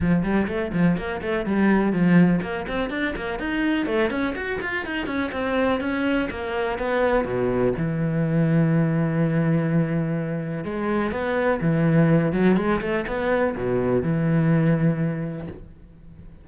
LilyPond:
\new Staff \with { instrumentName = "cello" } { \time 4/4 \tempo 4 = 124 f8 g8 a8 f8 ais8 a8 g4 | f4 ais8 c'8 d'8 ais8 dis'4 | a8 cis'8 fis'8 f'8 dis'8 cis'8 c'4 | cis'4 ais4 b4 b,4 |
e1~ | e2 gis4 b4 | e4. fis8 gis8 a8 b4 | b,4 e2. | }